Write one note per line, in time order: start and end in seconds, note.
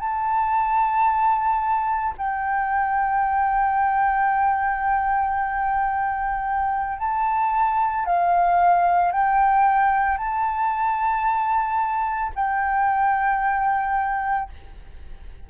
0.00 2.14 A5
2.18 6.99 G5
6.99 8.06 A5
8.06 9.12 F5
9.12 10.18 G5
10.18 12.32 A5
12.36 14.50 G5